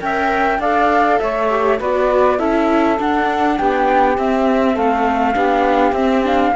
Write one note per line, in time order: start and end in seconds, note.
0.00 0.59 C#4
0.00 0.59 A#4
0.00 0.59 E5
0.00 0.60 G5
0.59 1.18 D4
0.59 1.49 A4
0.59 1.19 D5
0.59 1.18 F5
1.18 1.80 A3
1.18 1.78 C#5
1.18 1.78 E5
1.49 1.79 G4
1.78 2.39 B3
1.78 2.38 F#4
1.78 2.37 B4
1.78 2.39 D5
2.37 2.98 C#4
2.37 2.97 E4
2.37 3.56 A4
2.37 2.98 E5
2.99 4.17 D4
2.99 3.59 D4
2.99 3.57 F#5
3.57 4.18 B3
3.57 4.73 G4
3.57 4.16 G5
4.17 5.34 C4
4.17 4.76 C4
4.17 4.76 E5
4.73 5.35 A3
4.73 5.32 A4
4.73 5.93 F5
5.34 5.92 B3
5.34 5.93 D4
5.34 6.52 G4
5.92 6.51 C4
5.92 6.23 C4
5.92 6.23 E5
6.23 6.53 D4
6.23 6.56 F5